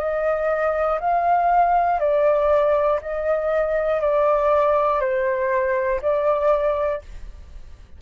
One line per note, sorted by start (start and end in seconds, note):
0.00 1.00 D#5
1.01 2.00 F5
2.00 3.00 D5
3.02 4.01 D#5
4.01 5.01 D5
5.01 6.01 C5
6.02 7.02 D5